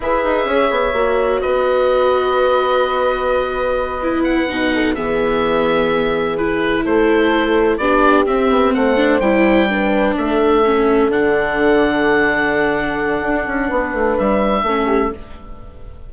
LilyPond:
<<
  \new Staff \with { instrumentName = "oboe" } { \time 4/4 \tempo 4 = 127 e''2. dis''4~ | dis''1~ | dis''4 fis''4. e''4.~ | e''4. b'4 c''4.~ |
c''8 d''4 e''4 fis''4 g''8~ | g''4. e''2 fis''8~ | fis''1~ | fis''2 e''2 | }
  \new Staff \with { instrumentName = "horn" } { \time 4/4 b'4 cis''2 b'4~ | b'1~ | b'2 a'8 gis'4.~ | gis'2~ gis'8 a'4.~ |
a'8 g'2 c''4.~ | c''8 b'4 a'2~ a'8~ | a'1~ | a'4 b'2 a'8 g'8 | }
  \new Staff \with { instrumentName = "viola" } { \time 4/4 gis'2 fis'2~ | fis'1~ | fis'8 e'4 dis'4 b4.~ | b4. e'2~ e'8~ |
e'8 d'4 c'4. d'8 e'8~ | e'8 d'2 cis'4 d'8~ | d'1~ | d'2. cis'4 | }
  \new Staff \with { instrumentName = "bassoon" } { \time 4/4 e'8 dis'8 cis'8 b8 ais4 b4~ | b1~ | b4. b,4 e4.~ | e2~ e8 a4.~ |
a8 b4 c'8 b8 a4 g8~ | g4. a2 d8~ | d1 | d'8 cis'8 b8 a8 g4 a4 | }
>>